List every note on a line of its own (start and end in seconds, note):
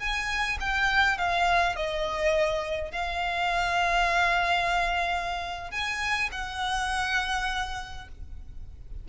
0.00 0.59 G#5
0.61 1.18 G5
1.18 1.76 F5
1.76 2.92 D#5
2.92 5.71 F5
5.71 6.30 G#5
6.32 8.09 F#5